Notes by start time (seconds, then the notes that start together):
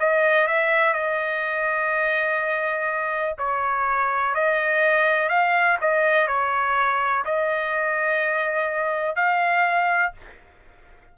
0.00 D#5
0.47 E5
0.94 D#5
3.38 C#5
4.35 D#5
5.29 F5
5.81 D#5
6.27 C#5
7.25 D#5
9.16 F5